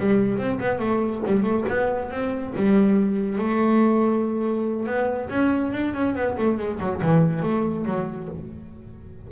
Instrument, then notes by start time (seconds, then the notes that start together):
double bass
0.00 G3
0.38 C4
0.60 B3
0.79 A3
1.26 G3
1.43 A3
1.69 B3
2.11 C4
2.56 G3
3.39 A3
4.87 B3
5.30 C#4
5.73 D4
5.95 C#4
6.16 B3
6.38 A3
6.58 G#3
6.80 F#3
7.02 E3
7.43 A3
7.86 F#3